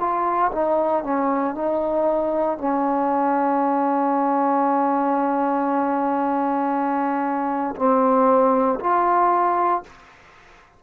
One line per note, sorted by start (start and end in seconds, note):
0.00 0.52 F4
0.52 1.04 D#4
1.04 1.55 C#4
1.55 2.59 D#4
2.59 7.76 C#4
7.76 8.80 C4
8.80 9.84 F4